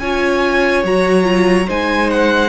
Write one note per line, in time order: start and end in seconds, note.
0.00 0.84 C#4
0.00 0.85 F4
0.00 1.68 C#5
0.00 0.83 G#5
0.84 1.67 F#3
0.84 1.24 F#4
0.84 1.69 A#5
1.24 1.65 F4
1.68 2.50 G#3
1.68 2.50 D#4
1.68 2.50 C5
1.68 2.11 G#5
2.11 2.50 F#5